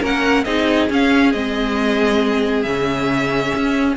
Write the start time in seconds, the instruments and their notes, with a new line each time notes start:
0.00 cello A#3, viola C#4, violin A#4 F#5
0.44 cello C4, viola D#4, violin G#4 D#5
0.89 viola C#4, cello C#4, violin F5
1.32 cello G#3, viola C4, violin D#5
2.62 cello C#3, viola C#4, violin E5
3.55 cello C#4